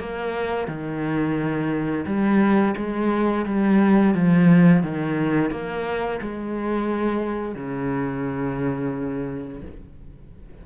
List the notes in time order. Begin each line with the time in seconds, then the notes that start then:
0.00 A#3
0.68 D#3
2.06 G3
2.77 G#3
3.46 G3
4.15 F3
4.83 D#3
5.51 A#3
6.21 G#3
7.55 C#3